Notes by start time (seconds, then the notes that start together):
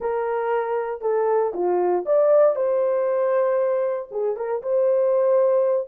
0.00 A#4
1.01 A4
1.53 F4
2.05 D5
2.55 C5
4.11 G#4
4.36 A#4
4.62 C5